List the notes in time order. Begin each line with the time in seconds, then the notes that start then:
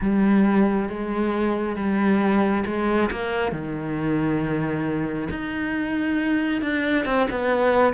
0.00 G3
0.89 G#3
1.76 G3
2.66 G#3
3.11 A#3
3.52 D#3
5.29 D#4
6.61 D4
7.05 C4
7.30 B3